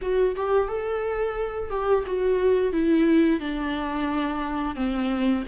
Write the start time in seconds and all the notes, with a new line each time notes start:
0.01 F#4
0.36 G4
0.68 A4
1.70 G4
2.06 F#4
2.72 E4
3.40 D4
4.75 C4